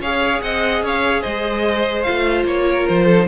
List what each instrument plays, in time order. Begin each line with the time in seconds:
0.00 cello C#4, viola G#4, violin C#5 F5
0.41 cello C4, violin D#5 F#5
0.82 cello C#4, violin C#5 F5
1.21 cello G#3, violin C5 D#5
2.03 viola F4, violin F5
2.09 cello A3
2.44 cello A#3, violin C#5
2.69 violin A#4
2.88 cello F3, violin C5
3.06 violin A4
3.18 viola D#4